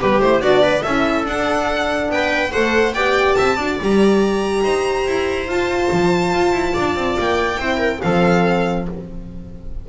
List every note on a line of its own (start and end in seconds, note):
0.00 0.20 G3
0.00 0.21 B3
0.00 0.43 G4
0.00 0.22 B4
0.20 0.40 A3
0.20 0.41 E4
0.20 0.41 C5
0.40 0.83 B3
0.40 0.84 D4
0.40 0.63 F#4
0.40 0.83 D5
0.63 0.83 B4
0.83 1.25 C#4
0.83 1.28 E4
0.83 2.10 A4
0.83 1.25 E5
1.25 2.10 D4
1.25 2.52 D4
1.25 2.12 F#5
2.10 2.52 B3
2.10 2.52 B4
2.10 2.53 G5
2.52 2.95 A3
2.52 2.94 A4
2.52 2.95 C5
2.52 2.94 F#5
2.94 3.37 B3
2.94 3.59 G4
2.94 3.37 D5
2.94 3.35 G5
3.35 3.58 C4
3.35 3.57 E5
3.35 3.77 A5
3.57 3.79 D4
3.57 3.81 F#4
3.57 4.62 D5
3.82 4.64 G3
3.82 5.50 G4
3.82 5.50 A#5
4.64 5.07 D#4
4.64 6.74 C5
5.07 5.47 E4
5.47 5.89 F4
5.47 7.59 F4
5.47 7.19 A5
5.92 6.34 F3
6.34 6.53 F4
6.53 6.74 E4
6.74 6.96 D4
6.74 7.58 D5
6.96 7.17 C4
7.19 7.58 A#3
7.19 8.02 G5
7.58 8.01 C4
7.58 8.02 E4
7.58 7.78 C5
7.78 7.99 A#4
8.02 8.89 F3
8.02 8.90 C4
8.02 8.89 A4
8.02 8.86 F5